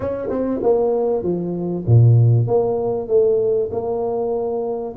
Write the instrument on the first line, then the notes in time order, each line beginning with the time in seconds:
tuba
0.00 C#4
0.29 C4
0.62 A#3
1.22 F3
1.86 A#2
2.47 A#3
3.08 A3
3.71 A#3